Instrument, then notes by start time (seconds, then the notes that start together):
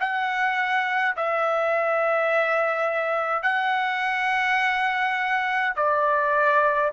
trumpet
0.00 F#5
1.17 E5
3.43 F#5
5.76 D5